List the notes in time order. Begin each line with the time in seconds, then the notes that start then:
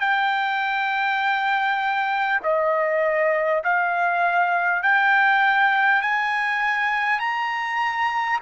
0.00 G5
2.43 D#5
3.63 F5
4.82 G5
6.02 G#5
7.19 A#5